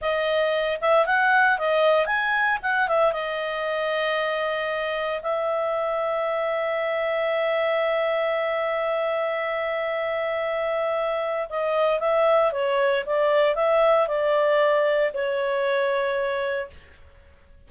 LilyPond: \new Staff \with { instrumentName = "clarinet" } { \time 4/4 \tempo 4 = 115 dis''4. e''8 fis''4 dis''4 | gis''4 fis''8 e''8 dis''2~ | dis''2 e''2~ | e''1~ |
e''1~ | e''2 dis''4 e''4 | cis''4 d''4 e''4 d''4~ | d''4 cis''2. | }